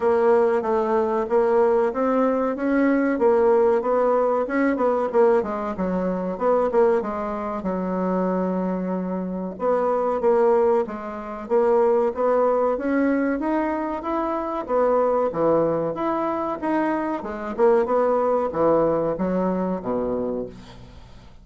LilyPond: \new Staff \with { instrumentName = "bassoon" } { \time 4/4 \tempo 4 = 94 ais4 a4 ais4 c'4 | cis'4 ais4 b4 cis'8 b8 | ais8 gis8 fis4 b8 ais8 gis4 | fis2. b4 |
ais4 gis4 ais4 b4 | cis'4 dis'4 e'4 b4 | e4 e'4 dis'4 gis8 ais8 | b4 e4 fis4 b,4 | }